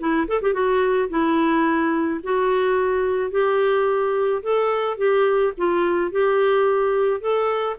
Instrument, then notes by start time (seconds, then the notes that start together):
clarinet
0.00 E4
0.28 A4
0.42 G4
0.54 F#4
1.10 E4
2.24 F#4
3.32 G4
4.43 A4
4.98 G4
5.58 F4
6.12 G4
7.21 A4